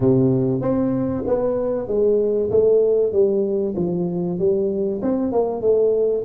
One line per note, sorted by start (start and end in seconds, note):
0.00 0.61 C3
0.61 1.23 C4
1.27 1.88 B3
1.88 2.50 G#3
2.50 3.12 A3
3.12 3.74 G3
3.76 4.38 F3
4.38 5.01 G3
5.02 5.32 C4
5.32 5.61 A#3
5.61 6.23 A3